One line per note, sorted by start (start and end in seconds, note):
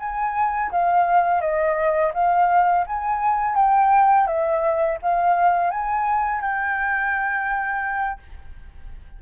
0.00 0.71 G#5
0.72 1.41 F5
1.41 2.13 D#5
2.14 2.86 F5
2.87 3.56 G#5
3.56 4.27 G5
4.27 4.99 E5
5.03 5.71 F5
5.71 6.41 G#5
6.41 8.20 G5